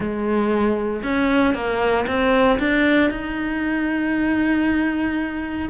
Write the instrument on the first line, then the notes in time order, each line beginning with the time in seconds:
cello
0.00 G#3
1.03 C#4
1.54 A#3
2.07 C4
2.59 D4
3.10 D#4